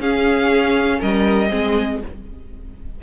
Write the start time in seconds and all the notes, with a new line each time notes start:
0.00 C#4 G#4 F5
0.99 G3 A#4 D#5
1.49 G#3 C4 G#4